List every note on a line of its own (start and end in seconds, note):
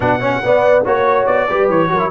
0.00 0.41 B2
0.00 0.20 D4
0.00 0.20 B4
0.00 0.84 F#5
0.20 0.42 C#4
0.20 0.41 C#5
0.43 0.85 B3
0.43 0.84 D5
0.84 1.27 A#3
0.84 1.48 F#4
0.84 1.47 C#5
0.84 1.26 C#5
1.26 1.48 B3
1.26 1.68 D5
1.48 1.69 G3
1.48 1.88 G4
1.48 1.90 B4
1.69 1.90 E3
1.69 2.10 C#5
1.88 2.10 F#3
1.88 1.98 F#4
1.88 2.10 A#4
1.98 2.09 E4